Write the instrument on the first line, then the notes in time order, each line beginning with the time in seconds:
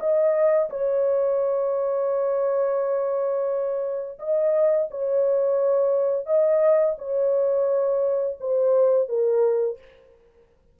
horn
0.00 D#5
0.70 C#5
4.19 D#5
4.91 C#5
6.26 D#5
6.98 C#5
8.40 C5
9.09 A#4